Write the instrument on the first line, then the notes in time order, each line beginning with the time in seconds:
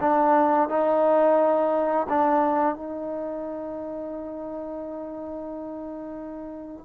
trombone
0.00 D4
0.69 D#4
2.09 D4
2.75 D#4